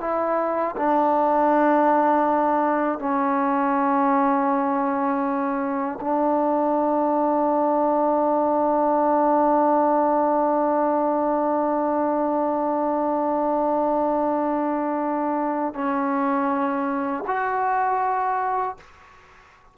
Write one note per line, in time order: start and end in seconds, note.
0.00 0.75 E4
0.76 2.98 D4
2.98 5.98 C#4
6.00 15.74 D4
15.74 17.24 C#4
17.27 18.77 F#4